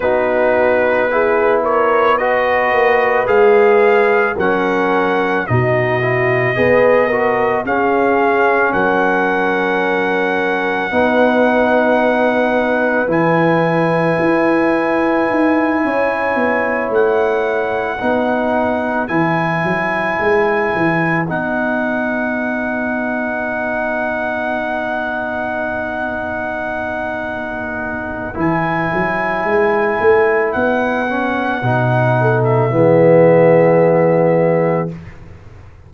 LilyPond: <<
  \new Staff \with { instrumentName = "trumpet" } { \time 4/4 \tempo 4 = 55 b'4. cis''8 dis''4 f''4 | fis''4 dis''2 f''4 | fis''1 | gis''2.~ gis''8 fis''8~ |
fis''4. gis''2 fis''8~ | fis''1~ | fis''2 gis''2 | fis''4.~ fis''16 e''2~ e''16 | }
  \new Staff \with { instrumentName = "horn" } { \time 4/4 fis'4 gis'8 ais'8 b'2 | ais'4 fis'4 b'8 ais'8 gis'4 | ais'2 b'2~ | b'2~ b'8 cis''4.~ |
cis''8 b'2.~ b'8~ | b'1~ | b'1~ | b'4. a'8 gis'2 | }
  \new Staff \with { instrumentName = "trombone" } { \time 4/4 dis'4 e'4 fis'4 gis'4 | cis'4 dis'8 e'8 gis'8 fis'8 cis'4~ | cis'2 dis'2 | e'1~ |
e'8 dis'4 e'2 dis'8~ | dis'1~ | dis'2 e'2~ | e'8 cis'8 dis'4 b2 | }
  \new Staff \with { instrumentName = "tuba" } { \time 4/4 b2~ b8 ais8 gis4 | fis4 b,4 b4 cis'4 | fis2 b2 | e4 e'4 dis'8 cis'8 b8 a8~ |
a8 b4 e8 fis8 gis8 e8 b8~ | b1~ | b2 e8 fis8 gis8 a8 | b4 b,4 e2 | }
>>